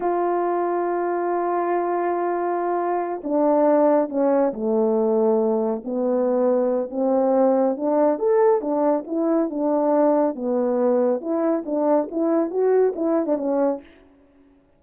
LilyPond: \new Staff \with { instrumentName = "horn" } { \time 4/4 \tempo 4 = 139 f'1~ | f'2.~ f'8 d'8~ | d'4. cis'4 a4.~ | a4. b2~ b8 |
c'2 d'4 a'4 | d'4 e'4 d'2 | b2 e'4 d'4 | e'4 fis'4 e'8. d'16 cis'4 | }